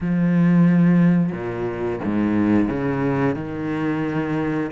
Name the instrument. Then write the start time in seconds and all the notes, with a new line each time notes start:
cello
0.00 F3
1.32 A#2
2.04 G#2
2.68 C#3
3.35 D#3